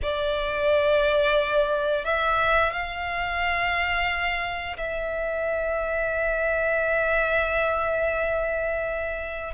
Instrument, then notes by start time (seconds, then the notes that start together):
violin
0.02 D5
2.05 E5
2.72 F5
4.77 E5